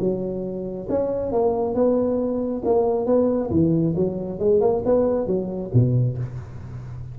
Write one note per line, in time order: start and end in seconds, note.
0.00 0.88 F#3
0.90 1.33 C#4
1.33 1.75 A#3
1.75 2.63 B3
2.66 3.06 A#3
3.06 3.51 B3
3.51 3.95 E3
3.97 4.40 F#3
4.40 4.61 G#3
4.61 4.83 A#3
4.85 5.27 B3
5.27 5.72 F#3
5.74 6.18 B2